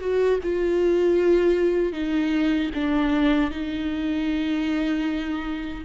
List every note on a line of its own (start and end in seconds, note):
0.00 0.39 F#4
0.43 1.92 F4
1.92 2.70 D#4
2.74 3.50 D4
3.50 5.84 D#4